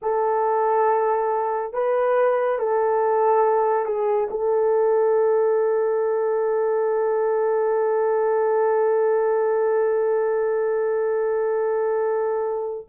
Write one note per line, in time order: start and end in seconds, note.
0.02 1.73 A4
1.73 2.58 B4
2.58 3.85 A4
3.85 4.28 G#4
4.30 12.87 A4